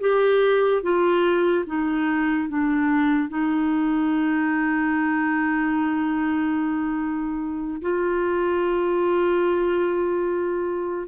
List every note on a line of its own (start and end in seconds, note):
0.00 0.82 G4
0.82 1.64 F4
1.66 2.48 D#4
2.48 3.29 D4
3.29 7.81 D#4
7.82 11.07 F4